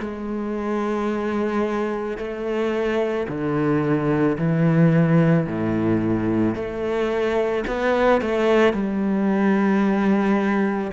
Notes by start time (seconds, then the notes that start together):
0.00 G#3
2.18 A3
3.28 D3
4.38 E3
5.46 A2
6.55 A3
7.68 B3
8.22 A3
8.73 G3